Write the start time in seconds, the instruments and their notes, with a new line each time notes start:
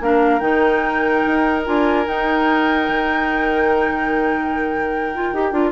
0.00 bassoon A#3, clarinet D4, oboe A#4, flute F5
0.39 bassoon D#3, clarinet D#4, flute G5
1.26 bassoon D#4
1.65 bassoon D4, clarinet F4, flute G#5
2.06 clarinet D#4, bassoon D#4, flute G5
2.88 bassoon D#3
5.14 clarinet F4
5.32 bassoon D#4, clarinet G4
5.51 bassoon D4, clarinet F4